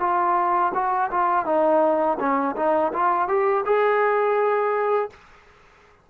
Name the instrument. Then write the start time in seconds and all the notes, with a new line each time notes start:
trombone
0.00 F4
0.74 F#4
1.11 F4
1.45 D#4
2.19 C#4
2.56 D#4
2.93 F4
3.28 G4
3.65 G#4